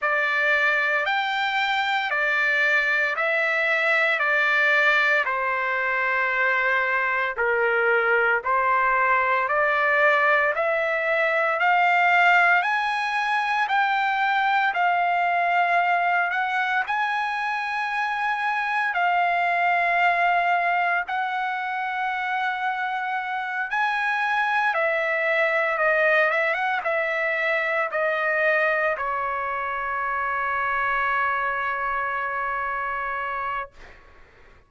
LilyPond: \new Staff \with { instrumentName = "trumpet" } { \time 4/4 \tempo 4 = 57 d''4 g''4 d''4 e''4 | d''4 c''2 ais'4 | c''4 d''4 e''4 f''4 | gis''4 g''4 f''4. fis''8 |
gis''2 f''2 | fis''2~ fis''8 gis''4 e''8~ | e''8 dis''8 e''16 fis''16 e''4 dis''4 cis''8~ | cis''1 | }